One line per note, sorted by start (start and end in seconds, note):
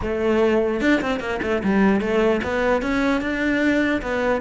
0.02 0.80 A3
0.80 1.00 D4
1.01 1.20 C4
1.20 1.40 A#3
1.42 1.62 A3
1.63 2.00 G3
2.00 2.41 A3
2.43 2.82 B3
2.82 3.21 C#4
3.21 4.01 D4
4.02 4.41 B3